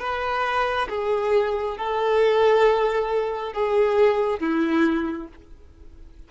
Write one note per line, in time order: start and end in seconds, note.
0.00 0.88 B4
0.89 1.78 G#4
1.78 3.53 A4
3.53 4.40 G#4
4.40 5.28 E4